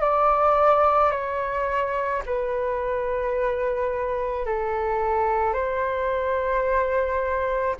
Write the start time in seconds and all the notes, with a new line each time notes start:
0.00 D5
1.11 C#5
2.25 B4
4.45 A4
5.53 C5